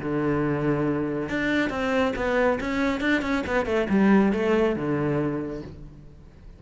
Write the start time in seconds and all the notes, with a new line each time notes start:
0.00 D3
1.29 D4
1.70 C4
2.16 B3
2.61 C#4
3.01 D4
3.22 C#4
3.47 B3
3.66 A3
3.90 G3
4.33 A3
4.76 D3